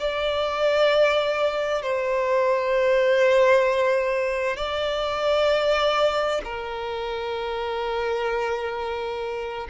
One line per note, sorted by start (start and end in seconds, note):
0.00 1.83 D5
1.83 4.57 C5
4.57 6.42 D5
6.44 9.68 A#4